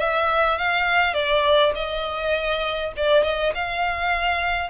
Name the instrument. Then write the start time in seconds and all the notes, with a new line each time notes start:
violin
0.00 E5
0.59 F5
1.14 D5
1.75 D#5
2.97 D5
3.24 D#5
3.55 F5